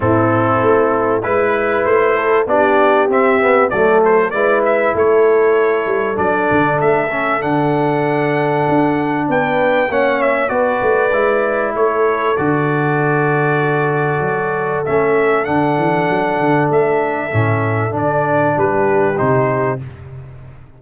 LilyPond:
<<
  \new Staff \with { instrumentName = "trumpet" } { \time 4/4 \tempo 4 = 97 a'2 b'4 c''4 | d''4 e''4 d''8 c''8 d''8 e''8 | cis''2 d''4 e''4 | fis''2. g''4 |
fis''8 e''8 d''2 cis''4 | d''1 | e''4 fis''2 e''4~ | e''4 d''4 b'4 c''4 | }
  \new Staff \with { instrumentName = "horn" } { \time 4/4 e'2 b'4. a'8 | g'2 a'4 b'4 | a'1~ | a'2. b'4 |
cis''4 b'2 a'4~ | a'1~ | a'1~ | a'2 g'2 | }
  \new Staff \with { instrumentName = "trombone" } { \time 4/4 c'2 e'2 | d'4 c'8 b8 a4 e'4~ | e'2 d'4. cis'8 | d'1 |
cis'4 fis'4 e'2 | fis'1 | cis'4 d'2. | cis'4 d'2 dis'4 | }
  \new Staff \with { instrumentName = "tuba" } { \time 4/4 a,4 a4 gis4 a4 | b4 c'4 fis4 gis4 | a4. g8 fis8 d8 a4 | d2 d'4 b4 |
ais4 b8 a8 gis4 a4 | d2. fis4 | a4 d8 e8 fis8 d8 a4 | a,4 d4 g4 c4 | }
>>